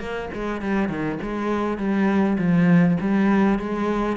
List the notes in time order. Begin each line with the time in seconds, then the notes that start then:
0.00 A#3
0.34 G#3
0.62 G3
0.89 D#3
1.22 G#3
1.78 G3
2.38 F3
3.01 G3
3.60 G#3